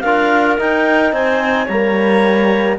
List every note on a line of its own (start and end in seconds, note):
0.00 0.58 D4
0.00 0.58 F4
0.00 1.13 A#4
0.00 0.55 F5
0.58 1.68 D#4
0.58 1.12 D#4
0.58 1.14 G5
1.12 1.67 C4
1.12 1.65 C5
1.12 1.68 G#5
1.65 2.79 G3
1.65 2.79 A#3
1.65 2.75 C#5
1.65 2.79 A#5